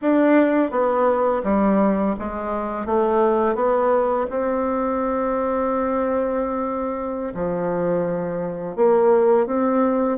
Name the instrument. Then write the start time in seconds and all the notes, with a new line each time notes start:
bassoon
0.01 D4
0.70 B3
1.43 G3
2.19 G#3
2.86 A3
3.55 B3
4.30 C4
7.34 F3
8.75 A#3
9.46 C4